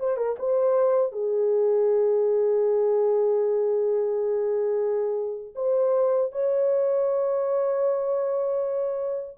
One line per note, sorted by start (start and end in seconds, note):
0.00 0.17 C5
0.17 0.36 A#4
0.39 1.12 C5
1.12 5.54 G#4
5.55 6.32 C5
6.32 9.38 C#5